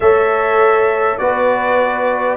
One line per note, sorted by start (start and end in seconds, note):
0.00 1.17 A3
0.00 1.19 A4
0.00 1.20 C#5
0.00 1.18 E5
1.18 2.36 B3
1.18 2.36 F#4
1.18 2.36 B4
1.18 2.36 D5